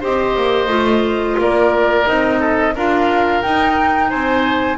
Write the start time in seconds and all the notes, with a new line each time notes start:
0.00 C4 G4 C5 D#5
0.37 A#3
0.67 A3 F4
1.38 A#3 A#4 D5
2.05 C4 D#4 D#5
2.39 A4
2.75 D4 F4 A#4 F5
3.41 D#4 G5
4.09 C4 C5 G#5